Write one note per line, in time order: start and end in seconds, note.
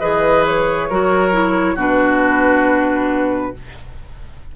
0.00 0.90 E3
0.00 0.89 G#4
0.00 0.88 B4
0.00 0.45 D#5
0.46 1.78 C#5
0.89 1.75 F#3
0.89 1.32 F#4
0.89 1.75 A#4
1.32 1.76 E4
1.75 3.52 B2
1.75 3.53 D4
1.75 3.51 F#4
1.75 3.56 B4